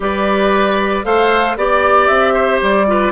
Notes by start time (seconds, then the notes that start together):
0.00 G3 G4 B4 D5
1.04 A3 A4 C5 F5
1.56 B3 G4 D5
2.07 C4 E5
2.33 C5
2.61 G3 D5
2.87 F4 B4